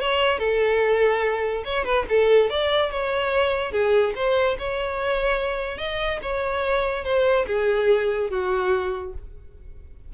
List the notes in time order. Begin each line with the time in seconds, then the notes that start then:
0.00 C#5
0.39 A4
1.65 C#5
1.85 B4
2.09 A4
2.50 D5
2.91 C#5
3.72 G#4
4.16 C5
4.59 C#5
5.78 D#5
6.22 C#5
7.05 C5
7.47 G#4
8.30 F#4